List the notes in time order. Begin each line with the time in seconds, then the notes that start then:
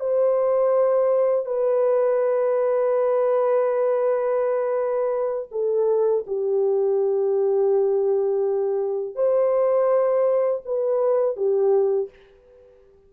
0.00 C5
1.46 B4
5.51 A4
6.27 G4
9.15 C5
10.66 B4
11.36 G4